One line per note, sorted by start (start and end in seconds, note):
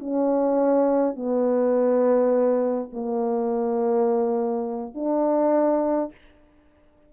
0.00 1.16 C#4
1.16 2.91 B3
2.93 4.95 A#3
4.95 6.12 D4